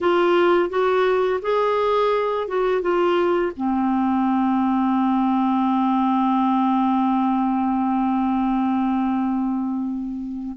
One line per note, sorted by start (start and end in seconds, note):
0.00 0.69 F4
0.69 1.40 F#4
1.41 2.47 G#4
2.47 2.81 F#4
2.81 3.52 F4
3.56 10.57 C4